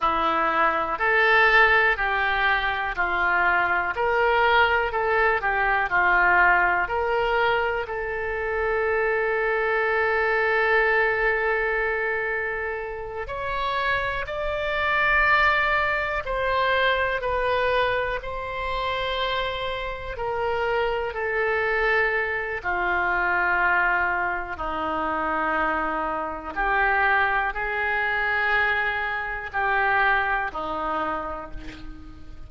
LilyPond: \new Staff \with { instrumentName = "oboe" } { \time 4/4 \tempo 4 = 61 e'4 a'4 g'4 f'4 | ais'4 a'8 g'8 f'4 ais'4 | a'1~ | a'4. cis''4 d''4.~ |
d''8 c''4 b'4 c''4.~ | c''8 ais'4 a'4. f'4~ | f'4 dis'2 g'4 | gis'2 g'4 dis'4 | }